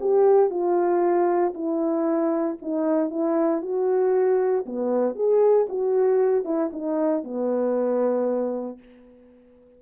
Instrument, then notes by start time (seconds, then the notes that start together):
horn
0.00 G4
0.50 F4
1.54 E4
2.62 D#4
3.10 E4
3.61 F#4
4.66 B3
5.15 G#4
5.69 F#4
6.44 E4
6.72 D#4
7.23 B3